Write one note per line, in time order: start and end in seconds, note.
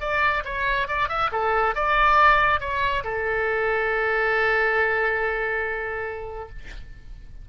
0.00 0.43 D5
0.45 0.88 C#5
0.88 1.09 D5
1.09 1.30 E5
1.32 1.75 A4
1.75 2.60 D5
2.60 3.04 C#5
3.04 6.49 A4